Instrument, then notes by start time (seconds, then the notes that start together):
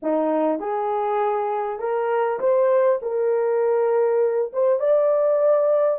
horn
0.02 D#4
0.59 G#4
1.79 A#4
2.39 C5
3.02 A#4
4.52 C5
4.79 D5